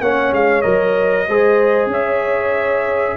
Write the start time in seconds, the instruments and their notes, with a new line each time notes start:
0.00 tuba A#3, trombone C#4, horn C#5, trumpet F#5
0.32 tuba G#3, trumpet F5
0.61 tuba F#3, trombone A#4, trumpet D#5
1.27 tuba G#3, trombone G#4, horn C5
1.86 tuba C#4, horn C#5
1.92 trumpet E5